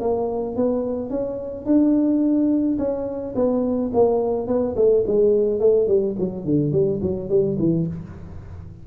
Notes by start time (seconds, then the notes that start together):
0.00 A#3
0.56 B3
1.10 C#4
1.66 D4
2.78 C#4
3.35 B3
3.94 A#3
4.47 B3
4.76 A3
5.07 G#3
5.60 A3
5.88 G3
6.19 F#3
6.45 D3
6.72 G3
7.02 F#3
7.29 G3
7.59 E3